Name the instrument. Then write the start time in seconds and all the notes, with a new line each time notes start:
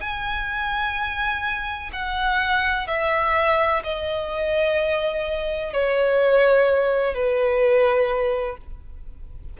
violin
0.00 G#5
1.92 F#5
2.87 E5
3.83 D#5
5.73 C#5
7.14 B4